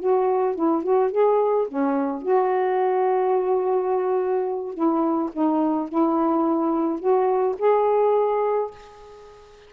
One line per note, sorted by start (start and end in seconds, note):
0.00 0.55 F#4
0.55 0.83 E4
0.84 1.12 F#4
1.12 1.68 G#4
1.68 2.22 C#4
2.22 4.74 F#4
4.74 5.30 E4
5.33 5.89 D#4
5.89 7.00 E4
7.00 7.56 F#4
7.59 8.71 G#4